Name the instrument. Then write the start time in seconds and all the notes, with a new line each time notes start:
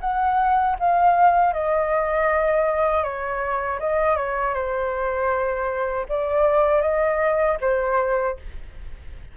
flute
0.00 F#5
0.79 F5
1.53 D#5
3.03 C#5
3.79 D#5
4.16 C#5
4.54 C5
6.08 D5
6.81 D#5
7.61 C5